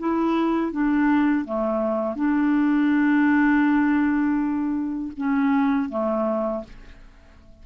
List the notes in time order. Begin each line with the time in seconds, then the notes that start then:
0.00 E4
0.72 D4
1.46 A3
2.16 D4
5.18 C#4
5.90 A3